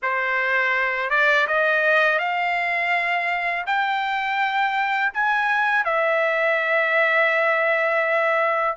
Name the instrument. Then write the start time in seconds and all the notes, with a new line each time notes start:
trumpet
0.02 C5
1.10 D5
1.47 D#5
2.19 F5
3.66 G5
5.13 G#5
5.84 E5